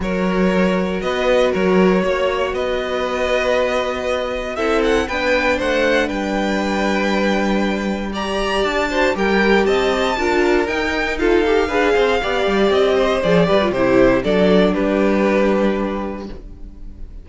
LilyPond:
<<
  \new Staff \with { instrumentName = "violin" } { \time 4/4 \tempo 4 = 118 cis''2 dis''4 cis''4~ | cis''4 dis''2.~ | dis''4 e''8 fis''8 g''4 fis''4 | g''1 |
ais''4 a''4 g''4 a''4~ | a''4 g''4 f''2~ | f''4 dis''4 d''4 c''4 | d''4 b'2. | }
  \new Staff \with { instrumentName = "violin" } { \time 4/4 ais'2 b'4 ais'4 | cis''4 b'2.~ | b'4 a'4 b'4 c''4 | b'1 |
d''4. c''8 ais'4 dis''4 | ais'2 a'4 b'8 c''8 | d''4. c''4 b'8 g'4 | a'4 g'2. | }
  \new Staff \with { instrumentName = "viola" } { \time 4/4 fis'1~ | fis'1~ | fis'4 e'4 d'2~ | d'1 |
g'4. fis'8 g'2 | f'4 dis'4 f'8 g'8 gis'4 | g'2 gis'8 g'16 f'16 e'4 | d'1 | }
  \new Staff \with { instrumentName = "cello" } { \time 4/4 fis2 b4 fis4 | ais4 b2.~ | b4 c'4 b4 a4 | g1~ |
g4 d'4 g4 c'4 | d'4 dis'2 d'8 c'8 | b8 g8 c'4 f8 g8 c4 | fis4 g2. | }
>>